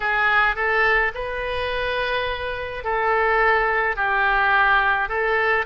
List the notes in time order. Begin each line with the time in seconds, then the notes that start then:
0.00 G#4
0.55 A4
1.14 B4
2.84 A4
3.96 G4
5.08 A4